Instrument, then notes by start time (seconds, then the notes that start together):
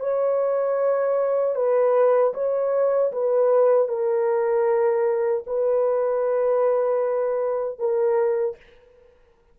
horn
0.00 C#5
1.56 B4
2.34 C#5
3.12 B4
3.88 A#4
5.47 B4
7.79 A#4